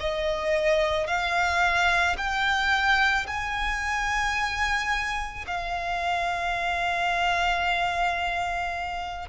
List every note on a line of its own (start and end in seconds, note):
0.00 1.08 D#5
1.08 2.17 F5
2.18 3.27 G5
3.27 5.45 G#5
5.47 9.29 F5